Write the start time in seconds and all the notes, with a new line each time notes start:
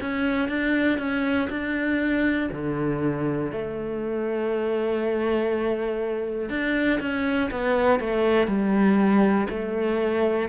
0.00 C#4
0.49 D4
0.98 C#4
1.49 D4
2.52 D3
3.52 A3
6.49 D4
7.00 C#4
7.51 B3
7.99 A3
8.47 G3
9.49 A3